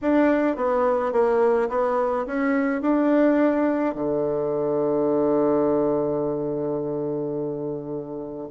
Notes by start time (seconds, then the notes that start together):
0.01 D4
0.56 B3
1.12 A#3
1.69 B3
2.26 C#4
2.81 D4
3.95 D3